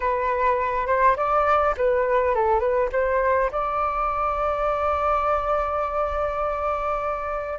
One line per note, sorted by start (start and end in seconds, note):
0.00 0.87 B4
0.87 1.16 C5
1.16 1.74 D5
1.77 2.34 B4
2.34 2.59 A4
2.59 2.88 B4
2.92 3.50 C5
3.51 7.59 D5